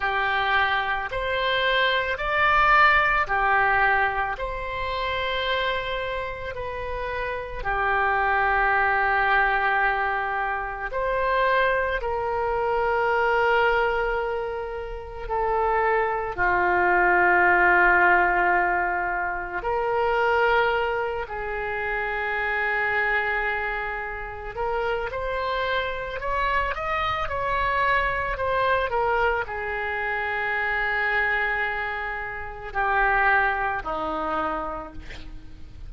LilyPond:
\new Staff \with { instrumentName = "oboe" } { \time 4/4 \tempo 4 = 55 g'4 c''4 d''4 g'4 | c''2 b'4 g'4~ | g'2 c''4 ais'4~ | ais'2 a'4 f'4~ |
f'2 ais'4. gis'8~ | gis'2~ gis'8 ais'8 c''4 | cis''8 dis''8 cis''4 c''8 ais'8 gis'4~ | gis'2 g'4 dis'4 | }